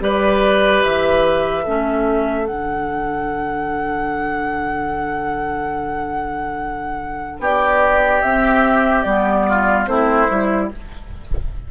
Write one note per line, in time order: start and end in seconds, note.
0.00 0.83 G3
0.00 1.64 G4
0.00 1.64 B4
0.00 0.83 D5
0.83 1.66 E3
0.83 2.46 E5
1.64 2.49 A3
1.64 2.45 C#4
1.64 7.39 A4
2.45 7.39 D3
2.45 8.21 D4
2.45 7.39 F#5
7.39 8.21 B3
7.39 9.47 G4
7.39 8.21 D5
8.21 9.05 C4
8.21 9.03 E5
9.03 9.87 G3
9.03 9.87 B3
9.03 9.85 D5
9.49 9.89 F4
9.87 10.28 A3
9.87 10.28 C4
9.87 10.71 E4
9.87 10.69 C5
10.30 10.71 G3
10.30 10.71 E4